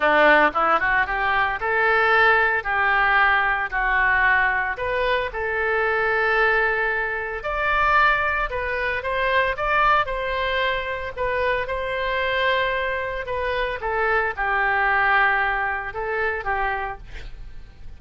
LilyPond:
\new Staff \with { instrumentName = "oboe" } { \time 4/4 \tempo 4 = 113 d'4 e'8 fis'8 g'4 a'4~ | a'4 g'2 fis'4~ | fis'4 b'4 a'2~ | a'2 d''2 |
b'4 c''4 d''4 c''4~ | c''4 b'4 c''2~ | c''4 b'4 a'4 g'4~ | g'2 a'4 g'4 | }